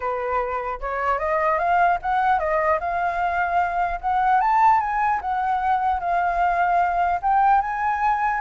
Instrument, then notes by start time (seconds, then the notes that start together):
flute
0.00 B4
0.80 C#5
1.18 D#5
1.58 F5
2.01 F#5
2.39 D#5
2.80 F5
4.00 F#5
4.40 A5
4.80 G#5
5.21 F#5
6.00 F5
7.22 G5
7.61 G#5